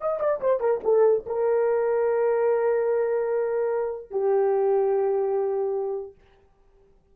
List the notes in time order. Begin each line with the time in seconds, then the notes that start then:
0.00 D#5
0.19 D5
0.40 C5
0.60 A#4
0.83 A4
1.26 A#4
4.10 G4